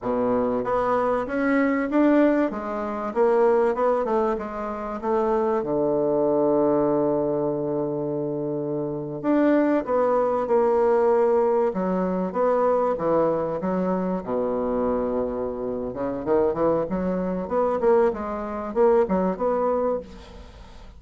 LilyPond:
\new Staff \with { instrumentName = "bassoon" } { \time 4/4 \tempo 4 = 96 b,4 b4 cis'4 d'4 | gis4 ais4 b8 a8 gis4 | a4 d2.~ | d2~ d8. d'4 b16~ |
b8. ais2 fis4 b16~ | b8. e4 fis4 b,4~ b,16~ | b,4. cis8 dis8 e8 fis4 | b8 ais8 gis4 ais8 fis8 b4 | }